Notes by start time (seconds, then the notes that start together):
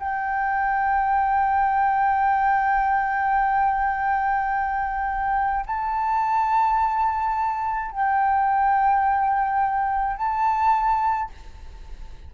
0.00 G5
5.67 A5
7.92 G5
10.17 A5